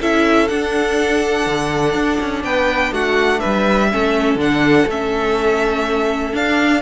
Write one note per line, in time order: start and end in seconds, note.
0.00 0.50 C#4
0.00 0.49 E4
0.00 2.44 A4
0.00 0.48 E5
0.48 3.90 D4
0.48 1.46 D4
0.48 2.43 F#5
1.46 1.94 D3
1.94 2.19 D4
2.20 2.44 C#4
2.44 2.91 B3
2.44 2.93 B4
2.44 2.93 G5
2.91 3.40 A3
2.91 3.40 F#4
2.91 3.40 F#5
3.40 3.93 G3
3.40 3.89 B4
3.40 4.37 E5
3.91 4.35 A3
3.91 4.39 C#4
3.91 6.82 A4
4.35 4.84 D3
4.35 4.88 D4
4.35 4.89 F#5
4.86 6.33 A3
4.86 6.32 C#4
4.86 6.35 E5
6.32 6.81 D4
6.32 6.82 D4
6.32 6.82 F5